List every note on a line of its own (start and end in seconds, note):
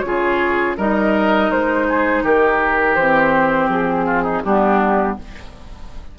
0.00 0.77 C#3
0.00 0.77 F4
0.00 0.73 C#5
0.07 0.77 G#4
0.77 1.50 G3
0.77 2.97 D#4
0.77 1.87 A#4
0.77 1.51 D#5
1.51 2.23 G#3
1.51 2.24 C5
1.88 2.23 G#4
2.23 2.96 D#3
2.23 4.06 G4
2.23 2.95 A#4
2.95 3.68 E3
2.95 3.68 C5
3.01 4.45 C4
3.68 4.42 F3
3.68 4.43 G#4
4.06 4.23 F4
4.23 4.41 D#4
4.43 5.18 G3
4.43 5.18 B3
4.43 5.18 D4
4.43 5.16 G4